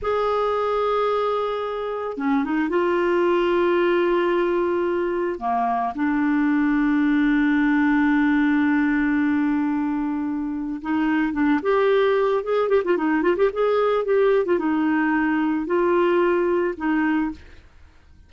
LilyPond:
\new Staff \with { instrumentName = "clarinet" } { \time 4/4 \tempo 4 = 111 gis'1 | cis'8 dis'8 f'2.~ | f'2 ais4 d'4~ | d'1~ |
d'1 | dis'4 d'8 g'4. gis'8 g'16 f'16 | dis'8 f'16 g'16 gis'4 g'8. f'16 dis'4~ | dis'4 f'2 dis'4 | }